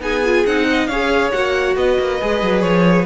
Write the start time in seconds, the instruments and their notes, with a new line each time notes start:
0.00 cello B3, viola D#4, violin G#4 G#5
0.25 viola F4
0.46 cello C4, viola D#4, violin F#5
0.69 violin D#5
0.87 cello C#4, viola G#4, violin C#5 F5
1.32 cello A#3, viola F#4, violin F#5
1.76 cello B3, violin B4 D#5
1.99 cello A#3
2.21 cello G#3, viola G#4
2.42 cello F#3
2.62 cello F3, violin C#5